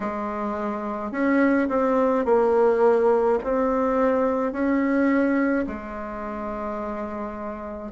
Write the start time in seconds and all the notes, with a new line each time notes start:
0.00 G#3
1.11 C#4
1.68 C4
2.25 A#3
3.43 C4
4.52 C#4
5.67 G#3